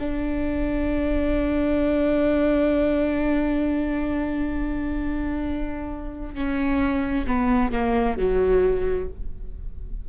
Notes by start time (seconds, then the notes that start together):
0.00 D4
6.35 C#4
7.27 B3
7.72 A#3
8.18 F#3